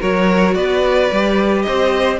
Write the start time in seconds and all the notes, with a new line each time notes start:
0.00 F#3 F#4 A#4 C#5
0.54 B3 B4 D5
1.12 G3 G4
1.62 C4 C5 D#5